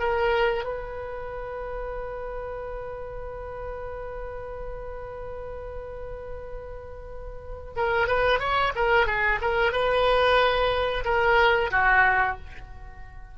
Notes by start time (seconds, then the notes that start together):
0.00 A#4
0.65 B4
7.77 A#4
8.08 B4
8.40 C#5
8.76 A#4
9.07 G#4
9.42 A#4
9.73 B4
11.05 A#4
11.72 F#4